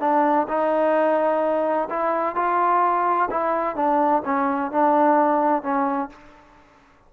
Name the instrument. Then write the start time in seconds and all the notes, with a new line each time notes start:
trombone
0.00 D4
0.48 D#4
1.89 E4
2.35 F4
3.31 E4
3.76 D4
4.25 C#4
4.71 D4
5.62 C#4